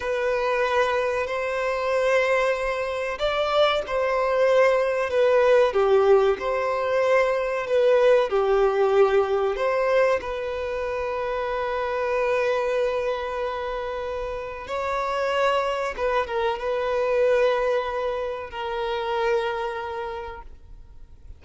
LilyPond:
\new Staff \with { instrumentName = "violin" } { \time 4/4 \tempo 4 = 94 b'2 c''2~ | c''4 d''4 c''2 | b'4 g'4 c''2 | b'4 g'2 c''4 |
b'1~ | b'2. cis''4~ | cis''4 b'8 ais'8 b'2~ | b'4 ais'2. | }